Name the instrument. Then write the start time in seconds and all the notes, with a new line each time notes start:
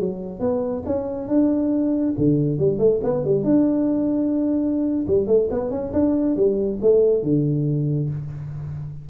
tuba
0.00 F#3
0.40 B3
0.86 C#4
1.28 D4
2.18 D3
2.59 G3
2.79 A3
3.04 B3
3.25 G3
3.44 D4
5.08 G3
5.27 A3
5.51 B3
5.71 C#4
5.93 D4
6.36 G3
6.82 A3
7.23 D3